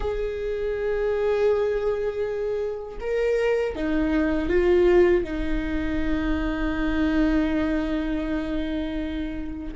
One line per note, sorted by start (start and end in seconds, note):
0.00 2.98 G#4
3.00 3.75 A#4
3.75 4.49 D#4
4.49 5.23 F4
5.23 9.73 D#4